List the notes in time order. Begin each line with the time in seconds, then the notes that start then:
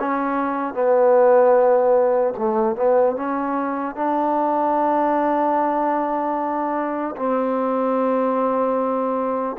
0.00 C#4
0.74 B3
2.38 A3
2.76 B3
3.16 C#4
3.96 D4
7.17 C4